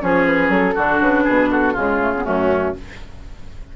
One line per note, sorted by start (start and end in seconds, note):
0.00 0.49 F3
0.00 0.75 C#4
0.00 0.74 G#4
0.00 0.25 C#5
0.26 0.50 B4
0.49 0.74 F#3
0.49 1.00 A4
0.74 1.00 D3
0.74 1.76 D4
0.74 1.24 F#4
1.00 1.25 C#3
1.00 1.51 B4
1.24 1.76 B2
1.24 1.49 G#4
1.51 1.73 F#4
1.51 1.76 A4
1.73 2.26 C#3
1.73 2.01 G#3
1.73 2.23 F4
1.73 2.25 G#4
2.01 2.13 A3
2.17 2.25 B3
2.25 2.76 F#2
2.25 2.75 A3
2.25 2.75 C#4
2.25 2.75 F#4